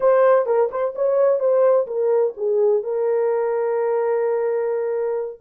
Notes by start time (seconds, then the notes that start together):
0.00 C5
0.46 A#4
0.71 C5
0.95 C#5
1.39 C5
1.86 A#4
2.36 G#4
2.83 A#4